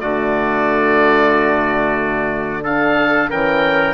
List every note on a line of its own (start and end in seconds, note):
0.00 3.31 D3
0.00 2.65 A3
0.00 2.63 F#4
0.00 2.64 D5
2.63 3.29 D4
2.63 3.29 A4
2.63 3.30 F5
3.29 3.94 E3
3.29 3.94 C#4
3.29 3.94 A#4
3.29 3.94 G5